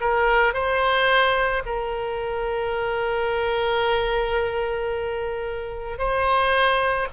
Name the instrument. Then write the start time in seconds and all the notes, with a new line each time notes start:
oboe
0.00 A#4
0.53 C5
1.65 A#4
5.98 C5